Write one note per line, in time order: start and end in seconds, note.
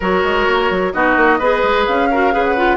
0.00 0.23 F#3
0.00 0.93 F#4
0.00 0.92 A#4
0.00 0.92 C#5
0.23 0.47 G#3
0.47 0.70 A#3
0.70 0.93 F#3
0.92 1.16 B3
0.92 1.39 D#4
0.92 1.39 F#4
0.92 1.85 D#5
1.16 1.39 A#3
1.39 1.62 B3
1.39 2.10 G#4
1.39 2.08 B4
1.63 1.86 G#3
1.86 2.34 C#4
1.86 2.44 F5
2.10 2.32 F#4
2.10 2.33 A#4
2.32 2.77 C#3
2.32 2.55 G#4
2.32 2.77 B4
2.44 2.77 F#5
2.56 2.77 F4